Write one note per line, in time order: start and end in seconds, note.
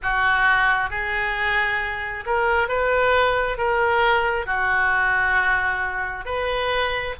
0.02 0.90 F#4
0.90 2.24 G#4
2.26 2.68 A#4
2.68 3.57 B4
3.57 4.45 A#4
4.45 6.24 F#4
6.25 7.14 B4